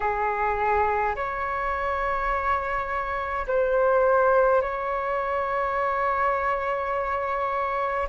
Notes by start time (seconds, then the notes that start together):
0.00 G#4
1.15 C#5
3.47 C5
4.62 C#5